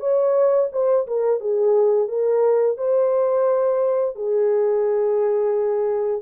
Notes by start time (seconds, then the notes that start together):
0.00 C#5
0.72 C5
1.07 A#4
1.40 G#4
2.08 A#4
2.77 C5
4.15 G#4